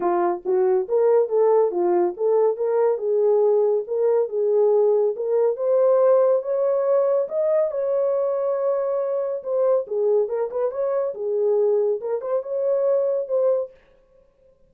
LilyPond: \new Staff \with { instrumentName = "horn" } { \time 4/4 \tempo 4 = 140 f'4 fis'4 ais'4 a'4 | f'4 a'4 ais'4 gis'4~ | gis'4 ais'4 gis'2 | ais'4 c''2 cis''4~ |
cis''4 dis''4 cis''2~ | cis''2 c''4 gis'4 | ais'8 b'8 cis''4 gis'2 | ais'8 c''8 cis''2 c''4 | }